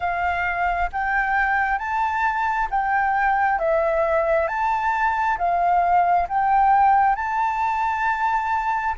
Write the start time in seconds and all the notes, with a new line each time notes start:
0.00 F5
0.92 G5
1.78 A5
2.70 G5
3.58 E5
4.47 A5
5.38 F5
6.28 G5
7.15 A5